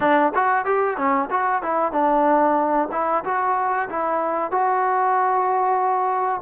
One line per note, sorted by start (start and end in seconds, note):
0.00 0.32 D4
0.34 0.65 F#4
0.65 0.97 G4
0.97 1.29 C#4
1.30 1.62 F#4
1.62 1.92 E4
1.92 2.89 D4
2.91 3.24 E4
3.24 3.89 F#4
3.89 4.51 E4
4.51 6.41 F#4